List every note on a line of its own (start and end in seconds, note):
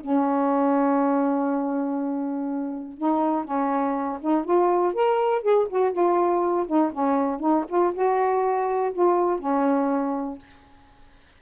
0.00 2.97 C#4
2.97 3.44 D#4
3.44 4.19 C#4
4.21 4.44 D#4
4.44 4.93 F4
4.93 5.42 A#4
5.42 5.67 G#4
5.69 5.92 F#4
5.92 6.66 F4
6.67 6.92 D#4
6.92 7.39 C#4
7.39 7.64 D#4
7.68 7.93 F4
7.94 8.93 F#4
8.93 9.39 F4
9.39 10.38 C#4